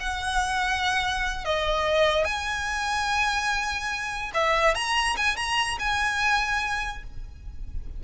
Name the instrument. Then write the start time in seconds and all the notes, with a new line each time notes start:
violin
0.00 F#5
1.44 D#5
2.24 G#5
4.34 E5
4.75 A#5
5.16 G#5
5.36 A#5
5.79 G#5